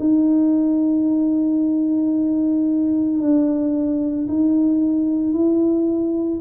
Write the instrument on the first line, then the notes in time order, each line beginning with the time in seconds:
tuba
0.00 D#4
3.20 D4
4.29 D#4
5.33 E4